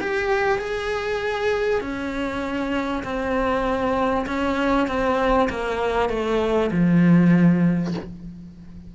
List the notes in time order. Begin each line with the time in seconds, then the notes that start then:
0.00 G4
0.58 G#4
1.80 C#4
3.03 C4
4.26 C#4
4.87 C4
5.49 A#3
6.09 A3
6.71 F3